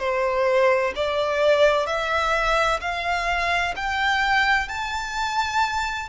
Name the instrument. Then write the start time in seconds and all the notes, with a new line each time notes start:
violin
0.00 C5
0.96 D5
1.87 E5
2.81 F5
3.77 G5
4.69 A5